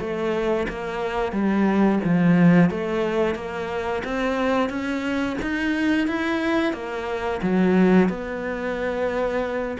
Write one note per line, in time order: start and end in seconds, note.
0.00 0.67 A3
0.69 1.32 A#3
1.32 2.00 G3
2.04 2.70 F3
2.70 3.35 A3
3.35 4.03 A#3
4.04 4.69 C4
4.69 5.37 C#4
5.42 6.07 D#4
6.07 6.73 E4
6.73 7.41 A#3
7.42 8.09 F#3
8.09 9.78 B3